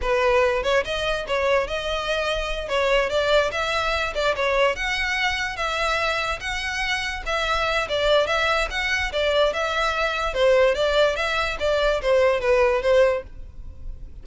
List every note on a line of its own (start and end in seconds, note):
0.01 0.63 B4
0.63 0.84 C#5
0.84 1.26 D#5
1.27 1.67 C#5
1.67 2.68 D#5
2.68 3.09 C#5
3.09 3.50 D5
3.51 4.13 E5
4.14 4.35 D5
4.35 4.75 C#5
4.75 5.56 F#5
5.56 6.39 E5
6.40 7.23 F#5
7.25 7.88 E5
7.88 8.26 D5
8.26 8.68 E5
8.70 9.11 F#5
9.12 9.53 D5
9.53 10.34 E5
10.34 10.75 C5
10.75 11.16 D5
11.16 11.57 E5
11.59 12.01 D5
12.01 12.40 C5
12.40 12.81 B4
12.81 13.23 C5